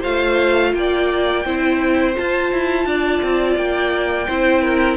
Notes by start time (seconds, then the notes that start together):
0.00 A3 F4 C5 F5
0.74 A#3 D5 G5
1.45 C4 E4 C5
2.14 F4 A5
2.52 E4
2.86 D4 D5
3.22 C4
3.56 A#3 G5
4.27 C4 E4 C5
4.62 A#4